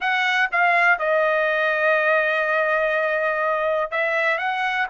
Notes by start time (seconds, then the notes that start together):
0.00 F#5
0.51 F5
0.98 D#5
3.91 E5
4.38 F#5